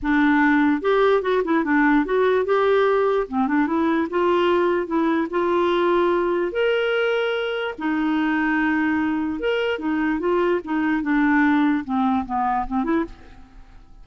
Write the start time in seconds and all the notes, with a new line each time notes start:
0.02 D4
0.81 G4
1.22 F#4
1.44 E4
1.64 D4
2.05 F#4
2.45 G4
3.28 C4
3.47 D4
3.67 E4
4.10 F4
4.87 E4
5.30 F4
6.52 A#4
7.78 D#4
9.39 A#4
9.78 D#4
10.19 F4
10.64 D#4
11.02 D4
11.84 C4
12.25 B3
12.67 C4
12.84 E4